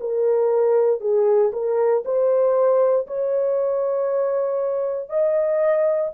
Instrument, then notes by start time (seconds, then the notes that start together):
horn
0.00 A#4
1.00 G#4
1.53 A#4
2.05 C5
3.06 C#5
5.09 D#5